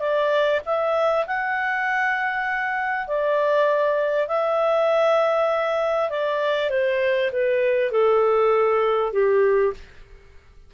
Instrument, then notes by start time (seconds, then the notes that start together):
clarinet
0.00 D5
0.65 E5
1.27 F#5
3.08 D5
4.28 E5
6.10 D5
6.70 C5
7.32 B4
7.92 A4
9.13 G4